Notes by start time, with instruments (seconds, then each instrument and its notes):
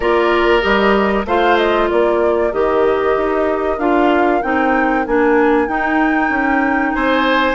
0.00 bassoon A#3, clarinet F4, oboe A#4, flute D5
0.61 bassoon G3, clarinet G4, flute D#5
1.25 bassoon A3, clarinet F4, oboe C5, flute F5
1.57 flute D#5
1.89 bassoon A#3, oboe A#4, flute D5
2.52 bassoon D#3, clarinet G4, flute D#5
3.16 bassoon D#4
3.78 bassoon D4, clarinet F4, flute F5
4.42 bassoon C4, clarinet D#4, flute G5
5.06 bassoon A#3, clarinet D4, flute G#5
5.67 bassoon D#4, clarinet D#4, flute G5
6.29 bassoon C#4
6.92 bassoon C4, oboe C5, flute G#5